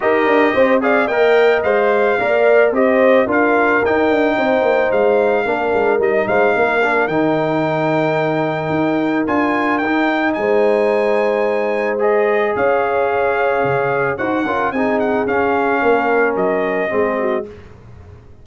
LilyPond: <<
  \new Staff \with { instrumentName = "trumpet" } { \time 4/4 \tempo 4 = 110 dis''4. f''8 g''4 f''4~ | f''4 dis''4 f''4 g''4~ | g''4 f''2 dis''8 f''8~ | f''4 g''2.~ |
g''4 gis''4 g''4 gis''4~ | gis''2 dis''4 f''4~ | f''2 fis''4 gis''8 fis''8 | f''2 dis''2 | }
  \new Staff \with { instrumentName = "horn" } { \time 4/4 ais'4 c''8 d''8 dis''2 | d''4 c''4 ais'2 | c''2 ais'4. c''8 | ais'1~ |
ais'2. c''4~ | c''2. cis''4~ | cis''2 c''8 ais'8 gis'4~ | gis'4 ais'2 gis'8 fis'8 | }
  \new Staff \with { instrumentName = "trombone" } { \time 4/4 g'4. gis'8 ais'4 c''4 | ais'4 g'4 f'4 dis'4~ | dis'2 d'4 dis'4~ | dis'8 d'8 dis'2.~ |
dis'4 f'4 dis'2~ | dis'2 gis'2~ | gis'2 fis'8 f'8 dis'4 | cis'2. c'4 | }
  \new Staff \with { instrumentName = "tuba" } { \time 4/4 dis'8 d'8 c'4 ais4 gis4 | ais4 c'4 d'4 dis'8 d'8 | c'8 ais8 gis4 ais8 gis8 g8 gis8 | ais4 dis2. |
dis'4 d'4 dis'4 gis4~ | gis2. cis'4~ | cis'4 cis4 dis'8 cis'8 c'4 | cis'4 ais4 fis4 gis4 | }
>>